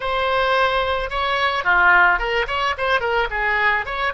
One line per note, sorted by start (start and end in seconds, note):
0.00 1.10 C5
1.10 1.63 C#5
1.63 2.18 F4
2.18 2.46 A#4
2.47 2.74 C#5
2.77 3.00 C5
3.00 3.28 A#4
3.30 3.85 G#4
3.85 4.13 C#5